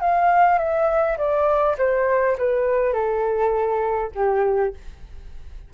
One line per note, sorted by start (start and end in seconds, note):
0.00 0.58 F5
0.58 1.17 E5
1.17 1.76 D5
1.78 2.36 C5
2.37 2.93 B4
2.93 4.10 A4
4.14 4.73 G4